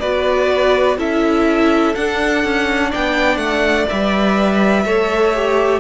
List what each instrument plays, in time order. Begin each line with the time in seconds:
0.00 cello B3, viola F#4, violin B4 D5
0.98 cello C#4, viola E4, violin A4 E5
1.95 viola D4, cello D4, violin F#5
2.45 cello C#4
2.90 cello B3, violin D5 G5
3.37 cello A3, violin F#5
3.89 cello G3, viola B4, violin E5
4.85 cello A3, viola A4, violin C#5
5.35 viola G4